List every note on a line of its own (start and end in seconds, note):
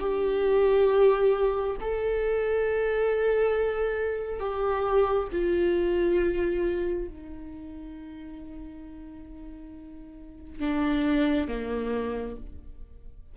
0.00 1.76 G4
1.81 4.40 A4
4.40 5.29 G4
5.32 7.08 F4
7.08 10.60 D#4
10.60 11.48 D4
11.48 12.36 A#3